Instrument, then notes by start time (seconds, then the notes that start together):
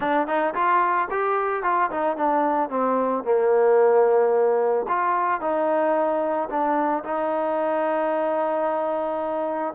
trombone
0.00 D4
0.27 D#4
0.54 F4
1.10 G4
1.63 F4
1.91 D#4
2.16 D4
2.69 C4
3.24 A#3
4.88 F4
5.41 D#4
6.49 D4
7.03 D#4